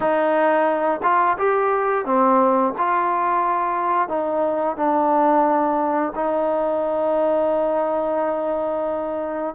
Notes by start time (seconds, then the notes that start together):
0.00 D#4
1.03 F4
1.38 G4
2.05 C4
2.77 F4
4.08 D#4
4.76 D4
6.15 D#4